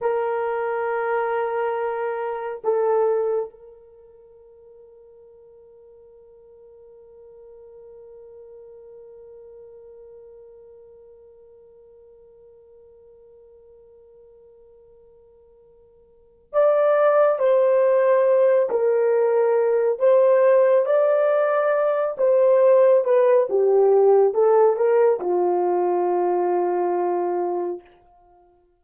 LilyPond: \new Staff \with { instrumentName = "horn" } { \time 4/4 \tempo 4 = 69 ais'2. a'4 | ais'1~ | ais'1~ | ais'1~ |
ais'2. d''4 | c''4. ais'4. c''4 | d''4. c''4 b'8 g'4 | a'8 ais'8 f'2. | }